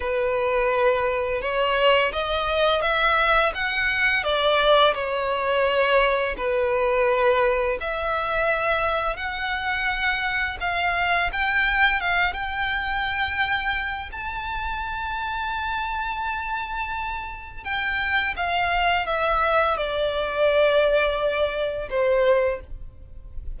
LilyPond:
\new Staff \with { instrumentName = "violin" } { \time 4/4 \tempo 4 = 85 b'2 cis''4 dis''4 | e''4 fis''4 d''4 cis''4~ | cis''4 b'2 e''4~ | e''4 fis''2 f''4 |
g''4 f''8 g''2~ g''8 | a''1~ | a''4 g''4 f''4 e''4 | d''2. c''4 | }